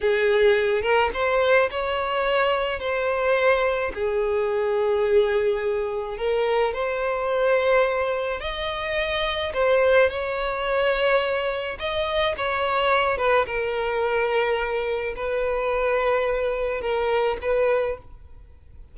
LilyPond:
\new Staff \with { instrumentName = "violin" } { \time 4/4 \tempo 4 = 107 gis'4. ais'8 c''4 cis''4~ | cis''4 c''2 gis'4~ | gis'2. ais'4 | c''2. dis''4~ |
dis''4 c''4 cis''2~ | cis''4 dis''4 cis''4. b'8 | ais'2. b'4~ | b'2 ais'4 b'4 | }